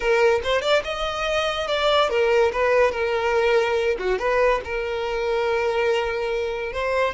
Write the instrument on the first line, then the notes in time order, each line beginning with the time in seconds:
violin
0.00 A#4
0.43 C5
0.61 D5
0.84 D#5
1.67 D5
2.09 A#4
2.52 B4
2.91 A#4
3.98 F#4
4.18 B4
4.64 A#4
6.72 C5